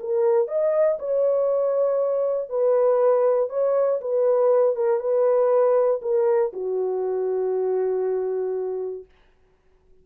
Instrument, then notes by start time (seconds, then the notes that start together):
horn
0.00 A#4
0.47 D#5
0.99 C#5
2.49 B4
3.49 C#5
4.01 B4
4.75 A#4
5.00 B4
6.02 A#4
6.52 F#4